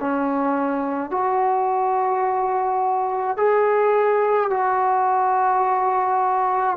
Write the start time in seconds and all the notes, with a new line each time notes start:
0.00 C#4
1.11 F#4
3.37 G#4
4.50 F#4